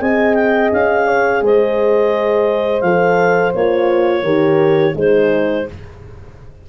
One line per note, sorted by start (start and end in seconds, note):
0.00 0.72 C4
0.00 2.82 G#4
0.00 1.08 D#5
0.00 0.35 G#5
0.35 0.70 G5
0.73 1.42 C#4
0.73 1.44 F5
1.08 1.43 C#5
1.42 2.83 G#3
1.42 4.24 C5
1.42 2.82 D#5
2.82 3.53 F3
2.82 3.55 A4
2.82 3.52 F5
3.55 4.23 A#3
3.55 4.25 F4
3.55 4.96 C#5
4.23 4.94 D#3
4.23 4.95 G4
4.23 4.94 A#4
4.96 5.66 G#3
4.96 5.67 D#4
4.96 5.67 G#4
4.96 5.69 C5